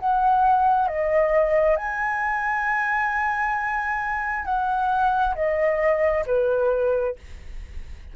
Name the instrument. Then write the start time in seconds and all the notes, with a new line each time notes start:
flute
0.00 F#5
0.88 D#5
1.77 G#5
4.46 F#5
5.36 D#5
6.27 B4